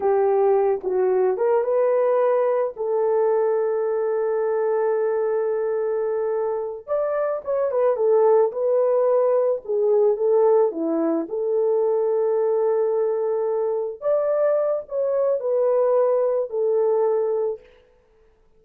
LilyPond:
\new Staff \with { instrumentName = "horn" } { \time 4/4 \tempo 4 = 109 g'4. fis'4 ais'8 b'4~ | b'4 a'2.~ | a'1~ | a'8 d''4 cis''8 b'8 a'4 b'8~ |
b'4. gis'4 a'4 e'8~ | e'8 a'2.~ a'8~ | a'4. d''4. cis''4 | b'2 a'2 | }